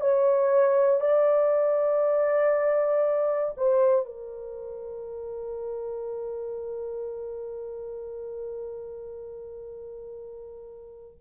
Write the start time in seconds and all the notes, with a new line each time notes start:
0.00 C#5
1.00 D5
3.57 C5
4.05 A#4